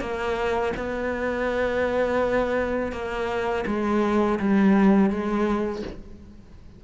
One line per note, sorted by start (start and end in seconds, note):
0.00 0.72 A#3
0.76 2.92 B3
2.92 3.64 A#3
3.66 4.38 G#3
4.39 5.10 G3
5.10 5.82 G#3